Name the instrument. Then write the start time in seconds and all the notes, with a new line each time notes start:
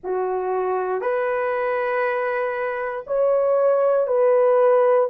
horn
0.03 F#4
1.01 B4
3.06 C#5
4.07 B4